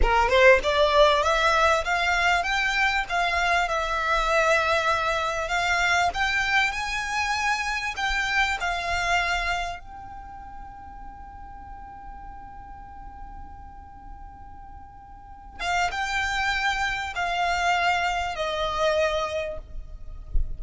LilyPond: \new Staff \with { instrumentName = "violin" } { \time 4/4 \tempo 4 = 98 ais'8 c''8 d''4 e''4 f''4 | g''4 f''4 e''2~ | e''4 f''4 g''4 gis''4~ | gis''4 g''4 f''2 |
g''1~ | g''1~ | g''4. f''8 g''2 | f''2 dis''2 | }